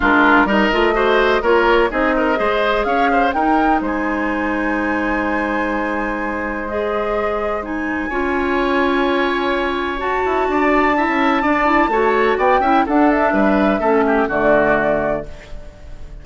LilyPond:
<<
  \new Staff \with { instrumentName = "flute" } { \time 4/4 \tempo 4 = 126 ais'4 dis''2 cis''4 | dis''2 f''4 g''4 | gis''1~ | gis''2 dis''2 |
gis''1~ | gis''4 a''2.~ | a''2 g''4 fis''8 e''8~ | e''2 d''2 | }
  \new Staff \with { instrumentName = "oboe" } { \time 4/4 f'4 ais'4 c''4 ais'4 | gis'8 ais'8 c''4 cis''8 c''8 ais'4 | c''1~ | c''1~ |
c''4 cis''2.~ | cis''2 d''4 e''4 | d''4 cis''4 d''8 e''8 a'4 | b'4 a'8 g'8 fis'2 | }
  \new Staff \with { instrumentName = "clarinet" } { \time 4/4 d'4 dis'8 f'8 fis'4 f'4 | dis'4 gis'2 dis'4~ | dis'1~ | dis'2 gis'2 |
dis'4 f'2.~ | f'4 fis'2 e'4 | d'8 e'8 fis'4. e'8 d'4~ | d'4 cis'4 a2 | }
  \new Staff \with { instrumentName = "bassoon" } { \time 4/4 gis4 g8 a4. ais4 | c'4 gis4 cis'4 dis'4 | gis1~ | gis1~ |
gis4 cis'2.~ | cis'4 fis'8 e'8 d'4~ d'16 cis'8. | d'4 a4 b8 cis'8 d'4 | g4 a4 d2 | }
>>